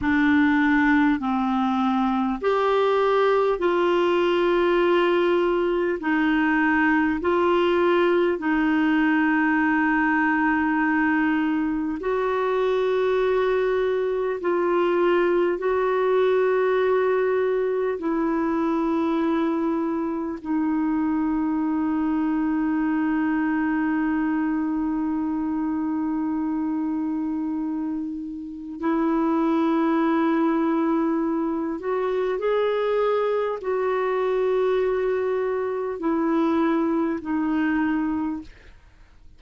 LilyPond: \new Staff \with { instrumentName = "clarinet" } { \time 4/4 \tempo 4 = 50 d'4 c'4 g'4 f'4~ | f'4 dis'4 f'4 dis'4~ | dis'2 fis'2 | f'4 fis'2 e'4~ |
e'4 dis'2.~ | dis'1 | e'2~ e'8 fis'8 gis'4 | fis'2 e'4 dis'4 | }